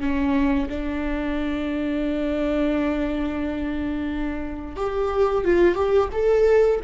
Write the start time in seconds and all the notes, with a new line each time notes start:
0.00 C#4
0.69 D4
4.76 G4
5.45 F4
5.75 G4
6.12 A4